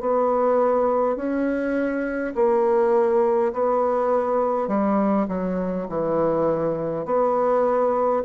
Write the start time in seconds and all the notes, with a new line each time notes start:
0.00 B3
1.17 C#4
2.35 A#3
3.53 B3
4.68 G3
5.28 F#3
5.89 E3
7.05 B3